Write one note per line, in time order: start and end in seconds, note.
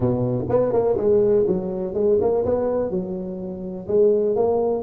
0.00 0.45 B2
0.49 0.72 B3
0.72 0.97 A#3
0.97 1.45 G#3
1.47 1.94 F#3
1.94 2.18 G#3
2.20 2.44 A#3
2.45 2.90 B3
2.90 3.87 F#3
3.87 4.35 G#3
4.35 4.83 A#3